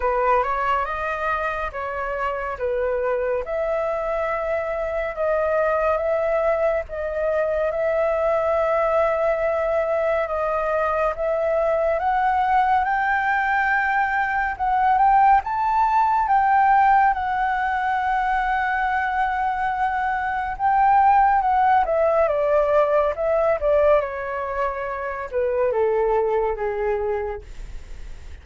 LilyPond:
\new Staff \with { instrumentName = "flute" } { \time 4/4 \tempo 4 = 70 b'8 cis''8 dis''4 cis''4 b'4 | e''2 dis''4 e''4 | dis''4 e''2. | dis''4 e''4 fis''4 g''4~ |
g''4 fis''8 g''8 a''4 g''4 | fis''1 | g''4 fis''8 e''8 d''4 e''8 d''8 | cis''4. b'8 a'4 gis'4 | }